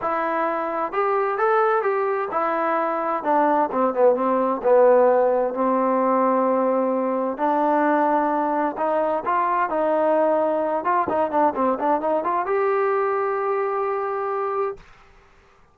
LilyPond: \new Staff \with { instrumentName = "trombone" } { \time 4/4 \tempo 4 = 130 e'2 g'4 a'4 | g'4 e'2 d'4 | c'8 b8 c'4 b2 | c'1 |
d'2. dis'4 | f'4 dis'2~ dis'8 f'8 | dis'8 d'8 c'8 d'8 dis'8 f'8 g'4~ | g'1 | }